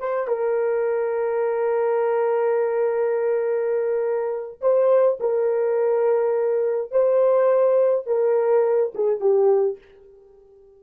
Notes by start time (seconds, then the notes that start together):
0.00 C5
0.28 A#4
4.62 C5
5.21 A#4
6.92 C5
8.07 A#4
8.95 G#4
9.21 G4